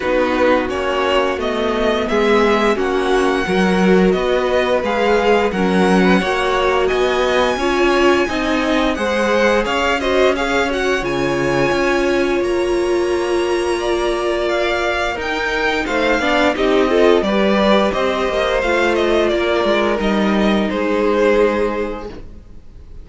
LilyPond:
<<
  \new Staff \with { instrumentName = "violin" } { \time 4/4 \tempo 4 = 87 b'4 cis''4 dis''4 e''4 | fis''2 dis''4 f''4 | fis''2 gis''2~ | gis''4 fis''4 f''8 dis''8 f''8 fis''8 |
gis''2 ais''2~ | ais''4 f''4 g''4 f''4 | dis''4 d''4 dis''4 f''8 dis''8 | d''4 dis''4 c''2 | }
  \new Staff \with { instrumentName = "violin" } { \time 4/4 fis'2. gis'4 | fis'4 ais'4 b'2 | ais'8. b'16 cis''4 dis''4 cis''4 | dis''4 c''4 cis''8 c''8 cis''4~ |
cis''1 | d''2 ais'4 c''8 d''8 | g'8 a'8 b'4 c''2 | ais'2 gis'2 | }
  \new Staff \with { instrumentName = "viola" } { \time 4/4 dis'4 cis'4 b2 | cis'4 fis'2 gis'4 | cis'4 fis'2 f'4 | dis'4 gis'4. fis'8 gis'8 fis'8 |
f'1~ | f'2 dis'4. d'8 | dis'8 f'8 g'2 f'4~ | f'4 dis'2. | }
  \new Staff \with { instrumentName = "cello" } { \time 4/4 b4 ais4 a4 gis4 | ais4 fis4 b4 gis4 | fis4 ais4 b4 cis'4 | c'4 gis4 cis'2 |
cis4 cis'4 ais2~ | ais2 dis'4 a8 b8 | c'4 g4 c'8 ais8 a4 | ais8 gis8 g4 gis2 | }
>>